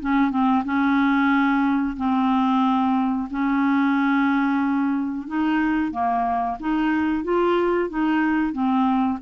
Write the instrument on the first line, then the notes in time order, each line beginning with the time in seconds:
clarinet
0.00 C#4
0.30 C4
0.64 C#4
1.97 C4
3.30 C#4
5.27 D#4
5.91 A#3
6.60 D#4
7.24 F4
7.89 D#4
8.52 C4